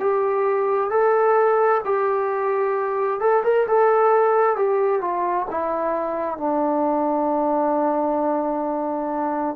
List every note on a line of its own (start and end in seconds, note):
0.00 0.91 G4
0.91 1.82 A4
1.85 3.21 G4
3.21 3.43 A4
3.44 3.67 A#4
3.68 4.57 A4
4.57 5.01 G4
5.01 5.47 F4
5.51 6.38 E4
6.38 9.56 D4